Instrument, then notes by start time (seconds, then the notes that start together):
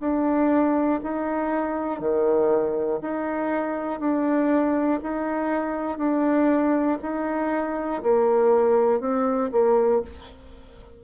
bassoon
0.00 D4
1.03 D#4
2.00 D#3
3.01 D#4
4.00 D4
5.03 D#4
5.98 D4
7.02 D#4
8.03 A#3
9.00 C4
9.51 A#3